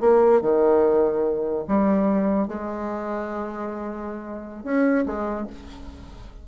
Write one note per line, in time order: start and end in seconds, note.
0.00 0.41 A#3
0.41 1.64 D#3
1.68 2.48 G3
2.48 4.63 G#3
4.64 5.05 C#4
5.05 5.47 G#3